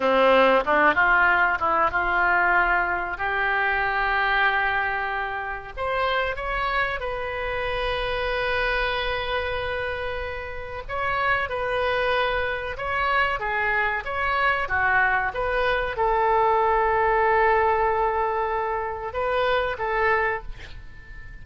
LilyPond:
\new Staff \with { instrumentName = "oboe" } { \time 4/4 \tempo 4 = 94 c'4 d'8 f'4 e'8 f'4~ | f'4 g'2.~ | g'4 c''4 cis''4 b'4~ | b'1~ |
b'4 cis''4 b'2 | cis''4 gis'4 cis''4 fis'4 | b'4 a'2.~ | a'2 b'4 a'4 | }